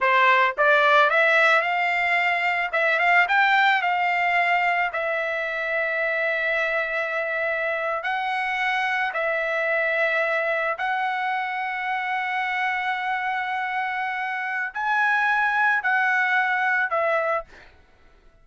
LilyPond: \new Staff \with { instrumentName = "trumpet" } { \time 4/4 \tempo 4 = 110 c''4 d''4 e''4 f''4~ | f''4 e''8 f''8 g''4 f''4~ | f''4 e''2.~ | e''2~ e''8. fis''4~ fis''16~ |
fis''8. e''2. fis''16~ | fis''1~ | fis''2. gis''4~ | gis''4 fis''2 e''4 | }